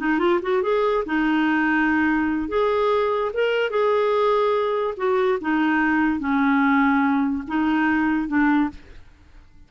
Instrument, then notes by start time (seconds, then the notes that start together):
clarinet
0.00 D#4
0.19 F4
0.43 F#4
0.63 G#4
1.06 D#4
2.49 G#4
3.34 A#4
3.70 G#4
4.97 F#4
5.42 D#4
6.20 C#4
7.48 D#4
8.28 D4